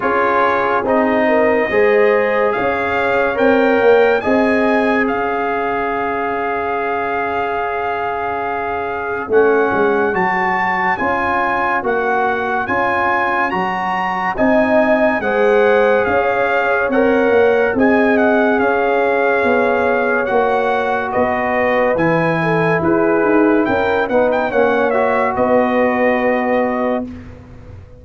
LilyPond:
<<
  \new Staff \with { instrumentName = "trumpet" } { \time 4/4 \tempo 4 = 71 cis''4 dis''2 f''4 | g''4 gis''4 f''2~ | f''2. fis''4 | a''4 gis''4 fis''4 gis''4 |
ais''4 gis''4 fis''4 f''4 | fis''4 gis''8 fis''8 f''2 | fis''4 dis''4 gis''4 b'4 | g''8 fis''16 g''16 fis''8 e''8 dis''2 | }
  \new Staff \with { instrumentName = "horn" } { \time 4/4 gis'4. ais'8 c''4 cis''4~ | cis''4 dis''4 cis''2~ | cis''1~ | cis''1~ |
cis''4 dis''4 c''4 cis''4~ | cis''4 dis''4 cis''2~ | cis''4 b'4. a'8 gis'4 | ais'8 b'8 cis''4 b'2 | }
  \new Staff \with { instrumentName = "trombone" } { \time 4/4 f'4 dis'4 gis'2 | ais'4 gis'2.~ | gis'2. cis'4 | fis'4 f'4 fis'4 f'4 |
fis'4 dis'4 gis'2 | ais'4 gis'2. | fis'2 e'2~ | e'8 dis'8 cis'8 fis'2~ fis'8 | }
  \new Staff \with { instrumentName = "tuba" } { \time 4/4 cis'4 c'4 gis4 cis'4 | c'8 ais8 c'4 cis'2~ | cis'2. a8 gis8 | fis4 cis'4 ais4 cis'4 |
fis4 c'4 gis4 cis'4 | c'8 ais8 c'4 cis'4 b4 | ais4 b4 e4 e'8 dis'8 | cis'8 b8 ais4 b2 | }
>>